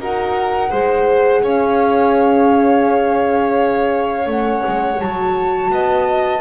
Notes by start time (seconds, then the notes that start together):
0.00 D#4 F#4 A#4 F#5
0.71 G#3 G#4 C5
1.43 C#4 C#5 F5
4.26 A3 C#4 F#5
4.67 G#3
5.00 F#3 F#4 A5
5.71 B3 D#5